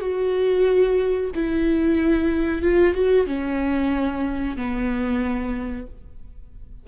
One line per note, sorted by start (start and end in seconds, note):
0.00 1.30 F#4
1.35 2.61 E4
2.61 2.93 F4
2.93 3.26 F#4
3.26 4.56 C#4
4.56 5.86 B3